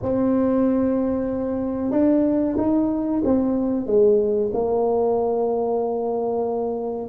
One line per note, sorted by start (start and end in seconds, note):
0.02 1.91 C4
1.91 2.55 D4
2.57 3.21 D#4
3.24 3.86 C4
3.86 4.50 G#3
4.53 7.09 A#3